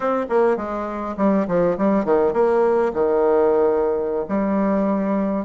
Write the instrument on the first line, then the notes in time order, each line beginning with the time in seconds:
bassoon
0.00 C4
0.29 A#3
0.56 G#3
1.17 G3
1.47 F3
1.77 G3
2.05 D#3
2.33 A#3
2.93 D#3
4.28 G3